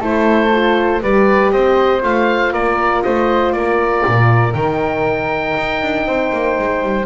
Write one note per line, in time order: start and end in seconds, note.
0.00 1.02 A3
0.00 0.50 E4
0.00 1.01 A4
0.00 1.03 C5
0.52 1.02 F4
1.02 1.52 G3
1.02 2.02 G4
1.02 1.52 B4
1.02 1.52 D5
1.52 2.03 C4
1.52 2.53 C5
1.52 2.02 D#5
2.02 2.53 A3
2.02 4.54 F4
2.02 2.54 F5
2.53 3.04 A#3
2.53 3.03 A#4
2.53 3.03 D5
3.03 3.53 A3
3.03 3.55 C5
3.03 3.53 D#5
3.53 4.03 A#3
3.53 6.07 A#4
3.53 4.54 D5
4.07 4.55 A#2
4.54 5.55 D#3
4.54 7.07 D#4
4.54 7.06 G5
5.57 5.82 D#4
5.82 6.06 D4
6.06 6.31 C4
6.06 7.07 C5
6.33 6.58 A#3
6.59 6.83 G#3
6.83 7.07 G3